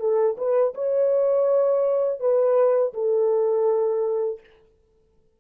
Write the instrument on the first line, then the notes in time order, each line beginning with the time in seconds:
horn
0.00 A4
0.38 B4
0.75 C#5
2.20 B4
2.94 A4